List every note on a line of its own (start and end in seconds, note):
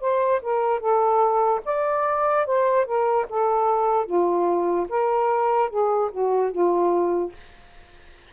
0.00 0.41 C5
0.42 0.79 A#4
0.79 1.60 A4
1.65 2.46 D5
2.46 2.85 C5
2.85 3.25 A#4
3.29 4.05 A4
4.05 4.86 F4
4.88 5.69 A#4
5.69 6.10 G#4
6.11 6.51 F#4
6.51 7.32 F4